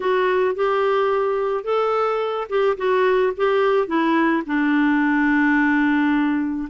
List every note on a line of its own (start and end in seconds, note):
0.00 0.55 F#4
0.55 1.64 G4
1.64 2.47 A4
2.49 2.77 G4
2.77 3.33 F#4
3.36 3.87 G4
3.87 4.42 E4
4.46 6.68 D4